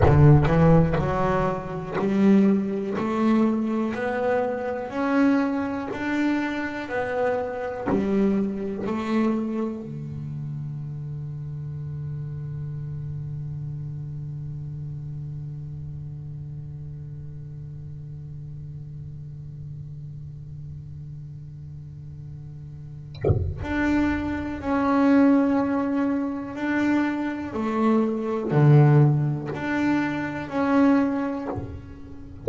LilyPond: \new Staff \with { instrumentName = "double bass" } { \time 4/4 \tempo 4 = 61 d8 e8 fis4 g4 a4 | b4 cis'4 d'4 b4 | g4 a4 d2~ | d1~ |
d1~ | d1 | d'4 cis'2 d'4 | a4 d4 d'4 cis'4 | }